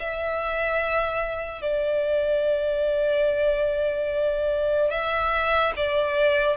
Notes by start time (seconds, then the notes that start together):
0.00 E5
1.62 D5
4.91 E5
5.76 D5